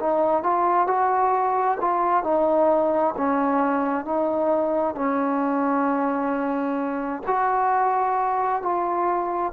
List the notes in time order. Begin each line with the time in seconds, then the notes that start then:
0.00 D#4
0.43 F4
0.87 F#4
1.81 F4
2.24 D#4
3.17 C#4
4.05 D#4
4.95 C#4
7.27 F#4
8.63 F4